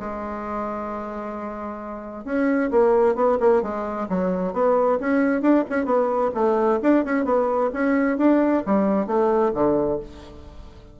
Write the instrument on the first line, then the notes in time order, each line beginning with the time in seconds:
bassoon
0.00 G#3
2.25 C#4
2.71 A#3
3.15 B3
3.40 A#3
3.63 G#3
4.10 F#3
4.54 B3
5.01 C#4
5.42 D4
5.70 C#4
5.86 B3
6.35 A3
6.83 D4
7.05 C#4
7.25 B3
7.74 C#4
8.18 D4
8.67 G3
9.07 A3
9.55 D3